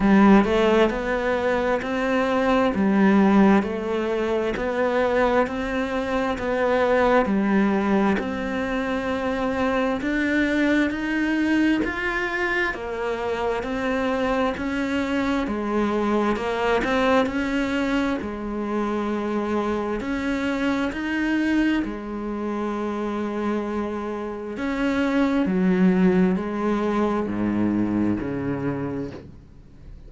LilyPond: \new Staff \with { instrumentName = "cello" } { \time 4/4 \tempo 4 = 66 g8 a8 b4 c'4 g4 | a4 b4 c'4 b4 | g4 c'2 d'4 | dis'4 f'4 ais4 c'4 |
cis'4 gis4 ais8 c'8 cis'4 | gis2 cis'4 dis'4 | gis2. cis'4 | fis4 gis4 gis,4 cis4 | }